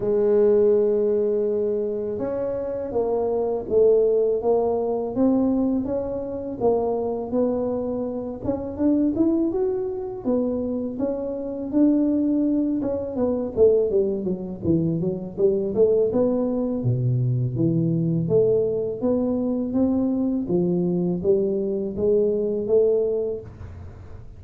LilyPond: \new Staff \with { instrumentName = "tuba" } { \time 4/4 \tempo 4 = 82 gis2. cis'4 | ais4 a4 ais4 c'4 | cis'4 ais4 b4. cis'8 | d'8 e'8 fis'4 b4 cis'4 |
d'4. cis'8 b8 a8 g8 fis8 | e8 fis8 g8 a8 b4 b,4 | e4 a4 b4 c'4 | f4 g4 gis4 a4 | }